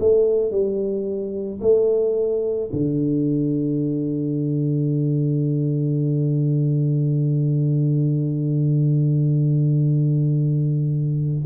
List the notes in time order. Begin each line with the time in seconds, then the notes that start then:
0.00 A3
0.51 G3
1.61 A3
2.73 D3